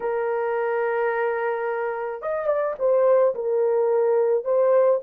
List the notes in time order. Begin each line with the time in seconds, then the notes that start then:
0.00 A#4
2.21 D#5
2.46 D5
2.79 C5
3.34 A#4
4.44 C5